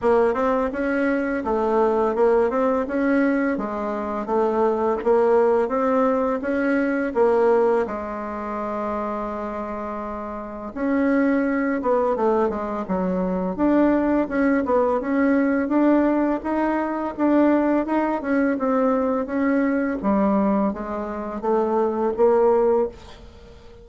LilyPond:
\new Staff \with { instrumentName = "bassoon" } { \time 4/4 \tempo 4 = 84 ais8 c'8 cis'4 a4 ais8 c'8 | cis'4 gis4 a4 ais4 | c'4 cis'4 ais4 gis4~ | gis2. cis'4~ |
cis'8 b8 a8 gis8 fis4 d'4 | cis'8 b8 cis'4 d'4 dis'4 | d'4 dis'8 cis'8 c'4 cis'4 | g4 gis4 a4 ais4 | }